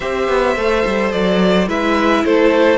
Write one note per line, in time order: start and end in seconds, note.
0.00 0.28 C4
0.00 0.56 G4
0.00 1.68 C5
0.00 1.11 E5
0.28 0.56 B3
0.56 0.84 A3
0.56 1.67 A4
0.86 1.13 G3
1.12 1.67 F#3
1.12 1.68 D5
1.67 2.23 G#3
1.67 2.77 E4
1.67 2.24 B4
1.67 2.25 E5
2.24 2.77 A3
2.24 2.77 A4
2.24 2.77 C5